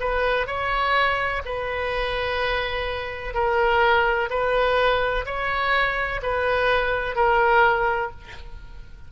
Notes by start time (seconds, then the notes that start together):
0.00 B4
0.47 C#5
1.45 B4
3.34 A#4
4.30 B4
5.26 C#5
6.22 B4
7.16 A#4